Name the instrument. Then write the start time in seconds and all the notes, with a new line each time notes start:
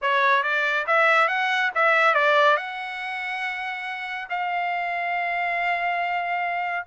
trumpet
0.01 C#5
0.43 D5
0.86 E5
1.27 F#5
1.75 E5
2.14 D5
2.56 F#5
4.29 F5